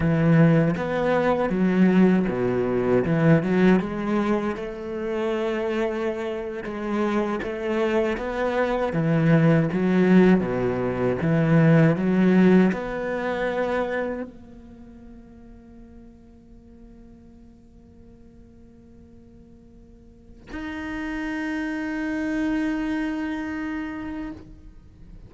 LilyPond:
\new Staff \with { instrumentName = "cello" } { \time 4/4 \tempo 4 = 79 e4 b4 fis4 b,4 | e8 fis8 gis4 a2~ | a8. gis4 a4 b4 e16~ | e8. fis4 b,4 e4 fis16~ |
fis8. b2 ais4~ ais16~ | ais1~ | ais2. dis'4~ | dis'1 | }